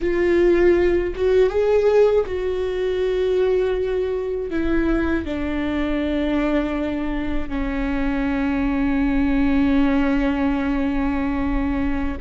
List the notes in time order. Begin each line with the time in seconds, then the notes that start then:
0.01 F4
1.15 F#4
1.49 G#4
2.25 F#4
4.50 E4
5.25 D4
7.48 C#4